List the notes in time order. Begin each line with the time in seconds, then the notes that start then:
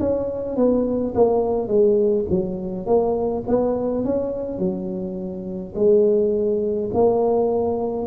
0.00 C#4
0.56 B3
1.15 A#3
1.68 G#3
2.30 F#3
2.86 A#3
3.48 B3
4.05 C#4
4.59 F#3
5.75 G#3
6.94 A#3